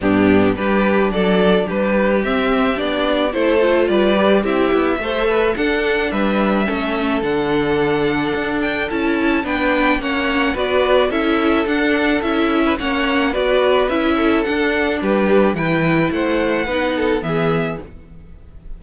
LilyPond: <<
  \new Staff \with { instrumentName = "violin" } { \time 4/4 \tempo 4 = 108 g'4 b'4 d''4 b'4 | e''4 d''4 c''4 d''4 | e''2 fis''4 e''4~ | e''4 fis''2~ fis''8 g''8 |
a''4 g''4 fis''4 d''4 | e''4 fis''4 e''4 fis''4 | d''4 e''4 fis''4 b'4 | g''4 fis''2 e''4 | }
  \new Staff \with { instrumentName = "violin" } { \time 4/4 d'4 g'4 a'4 g'4~ | g'2 a'4 b'4 | g'4 c''8 b'8 a'4 b'4 | a'1~ |
a'4 b'4 cis''4 b'4 | a'2~ a'8. b'16 cis''4 | b'4. a'4. g'4 | b'4 c''4 b'8 a'8 gis'4 | }
  \new Staff \with { instrumentName = "viola" } { \time 4/4 b4 d'2. | c'4 d'4 e'8 f'4 g'8 | e'4 a'4 d'2 | cis'4 d'2. |
e'4 d'4 cis'4 fis'4 | e'4 d'4 e'4 cis'4 | fis'4 e'4 d'2 | e'2 dis'4 b4 | }
  \new Staff \with { instrumentName = "cello" } { \time 4/4 g,4 g4 fis4 g4 | c'4 b4 a4 g4 | c'8 b8 a4 d'4 g4 | a4 d2 d'4 |
cis'4 b4 ais4 b4 | cis'4 d'4 cis'4 ais4 | b4 cis'4 d'4 g4 | e4 a4 b4 e4 | }
>>